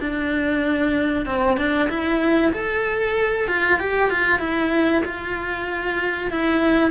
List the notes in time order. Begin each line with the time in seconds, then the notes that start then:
0.00 D4
1.26 C4
1.57 D4
1.89 E4
2.53 A4
3.48 F4
3.79 G4
4.10 F4
4.40 E4
5.05 F4
6.31 E4